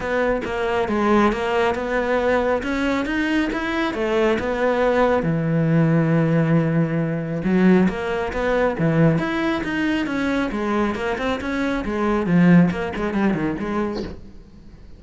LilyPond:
\new Staff \with { instrumentName = "cello" } { \time 4/4 \tempo 4 = 137 b4 ais4 gis4 ais4 | b2 cis'4 dis'4 | e'4 a4 b2 | e1~ |
e4 fis4 ais4 b4 | e4 e'4 dis'4 cis'4 | gis4 ais8 c'8 cis'4 gis4 | f4 ais8 gis8 g8 dis8 gis4 | }